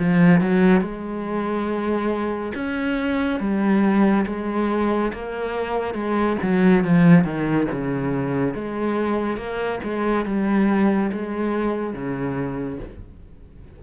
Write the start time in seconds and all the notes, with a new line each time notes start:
0.00 F3
0.41 F#3
0.81 G#3
2.55 C#4
3.40 G3
4.27 G#3
5.14 A#3
5.95 G#3
6.42 F#3
6.85 F3
7.25 D#3
7.72 C#3
8.54 G#3
9.37 A#3
9.84 G#3
10.25 G3
11.12 G#3
11.94 C#3